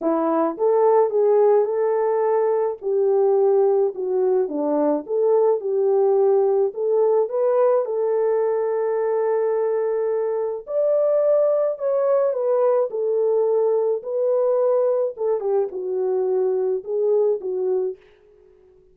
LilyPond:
\new Staff \with { instrumentName = "horn" } { \time 4/4 \tempo 4 = 107 e'4 a'4 gis'4 a'4~ | a'4 g'2 fis'4 | d'4 a'4 g'2 | a'4 b'4 a'2~ |
a'2. d''4~ | d''4 cis''4 b'4 a'4~ | a'4 b'2 a'8 g'8 | fis'2 gis'4 fis'4 | }